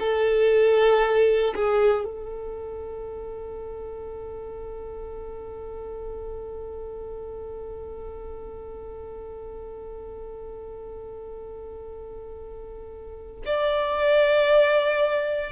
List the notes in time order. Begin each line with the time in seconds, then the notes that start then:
0.00 A4
1.55 G#4
2.05 A4
13.46 D5